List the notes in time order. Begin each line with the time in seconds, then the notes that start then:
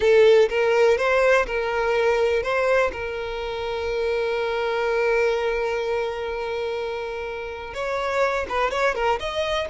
0.00 A4
0.49 A#4
0.97 C5
1.46 A#4
2.42 C5
2.92 A#4
7.74 C#5
8.48 B4
8.70 C#5
8.94 A#4
9.19 D#5